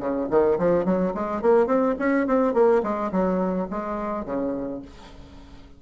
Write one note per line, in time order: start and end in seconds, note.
0.00 0.28 C#3
0.30 0.59 D#3
0.59 0.85 F3
0.85 1.13 F#3
1.15 1.42 G#3
1.42 1.67 A#3
1.67 1.95 C4
1.99 2.27 C#4
2.27 2.54 C4
2.54 2.83 A#3
2.83 3.12 G#3
3.12 3.69 F#3
3.71 4.26 G#3
4.26 4.82 C#3